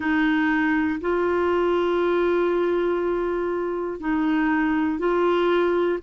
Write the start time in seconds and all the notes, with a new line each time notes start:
0.00 D#4
1.00 F4
4.00 D#4
4.98 F4